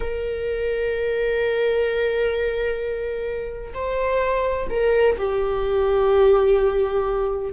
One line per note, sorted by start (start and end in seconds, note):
0.00 3.73 A#4
3.74 4.67 C5
4.70 5.16 A#4
5.18 7.52 G4